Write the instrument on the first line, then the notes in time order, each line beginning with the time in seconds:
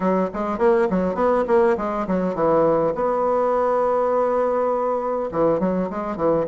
bassoon
0.00 F#3
0.33 G#3
0.58 A#3
0.90 F#3
1.14 B3
1.47 A#3
1.77 G#3
2.07 F#3
2.34 E3
2.94 B3
5.31 E3
5.59 F#3
5.90 G#3
6.16 E3